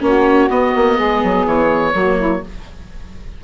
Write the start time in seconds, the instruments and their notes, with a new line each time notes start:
0.00 bassoon A#3, viola C#4, saxophone F#4, oboe C#5
0.50 bassoon B3, viola B3, oboe D#5
0.75 bassoon A#3
0.96 bassoon G#3, saxophone G#4
1.23 bassoon F#3
1.46 bassoon E3, oboe C#5
1.93 bassoon F#3, viola A#3, saxophone F#4
2.18 saxophone E4